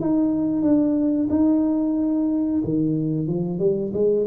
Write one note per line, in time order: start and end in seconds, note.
0.00 0.62 D#4
0.62 1.28 D4
1.30 2.62 D#4
2.64 3.27 D#3
3.27 3.59 F3
3.59 3.92 G3
3.94 4.26 G#3